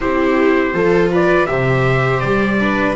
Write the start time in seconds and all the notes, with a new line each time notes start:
0.00 C4 E4 G4 C5
0.73 F3 F4 A4
1.11 B4 D5
1.46 C3 G4 C5 E5
2.20 G3 D5
2.60 D4 B4